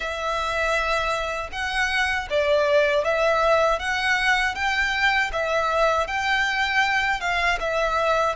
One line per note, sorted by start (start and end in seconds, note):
0.00 1.50 E5
1.52 2.28 F#5
2.30 3.04 D5
3.04 3.79 E5
3.79 4.55 F#5
4.55 5.31 G5
5.32 6.07 E5
6.07 7.20 G5
7.20 7.58 F5
7.59 8.35 E5